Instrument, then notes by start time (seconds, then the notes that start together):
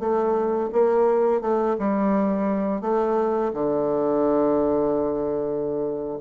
bassoon
0.00 A3
0.73 A#3
1.41 A3
1.79 G3
2.82 A3
3.54 D3